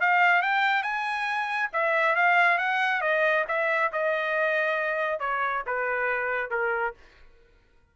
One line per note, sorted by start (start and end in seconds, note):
0.00 0.42 F5
0.42 0.83 G5
0.83 1.70 G#5
1.73 2.15 E5
2.15 2.58 F5
2.58 3.01 F#5
3.01 3.44 D#5
3.48 3.91 E5
3.92 5.20 D#5
5.20 5.63 C#5
5.66 6.50 B4
6.50 6.94 A#4